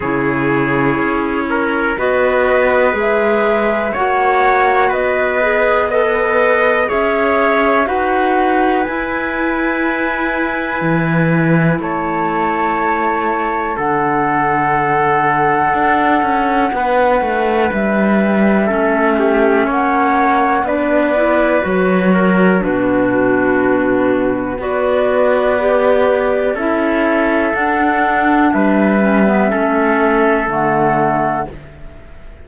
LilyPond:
<<
  \new Staff \with { instrumentName = "flute" } { \time 4/4 \tempo 4 = 61 cis''2 dis''4 e''4 | fis''4 dis''4 b'4 e''4 | fis''4 gis''2. | a''2 fis''2~ |
fis''2 e''2 | fis''4 d''4 cis''4 b'4~ | b'4 d''2 e''4 | fis''4 e''2 fis''4 | }
  \new Staff \with { instrumentName = "trumpet" } { \time 4/4 gis'4. ais'8 b'2 | cis''4 b'4 dis''4 cis''4 | b'1 | cis''2 a'2~ |
a'4 b'2 a'8 g'8 | cis''4 b'4. ais'8 fis'4~ | fis'4 b'2 a'4~ | a'4 b'4 a'2 | }
  \new Staff \with { instrumentName = "clarinet" } { \time 4/4 e'2 fis'4 gis'4 | fis'4. gis'8 a'4 gis'4 | fis'4 e'2.~ | e'2 d'2~ |
d'2. cis'4~ | cis'4 d'8 e'8 fis'4 d'4~ | d'4 fis'4 g'4 e'4 | d'4. cis'16 b16 cis'4 a4 | }
  \new Staff \with { instrumentName = "cello" } { \time 4/4 cis4 cis'4 b4 gis4 | ais4 b2 cis'4 | dis'4 e'2 e4 | a2 d2 |
d'8 cis'8 b8 a8 g4 a4 | ais4 b4 fis4 b,4~ | b,4 b2 cis'4 | d'4 g4 a4 d4 | }
>>